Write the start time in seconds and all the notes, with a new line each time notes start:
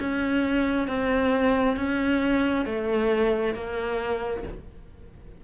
0.00 C#4
0.88 C4
1.77 C#4
2.66 A3
3.54 A#3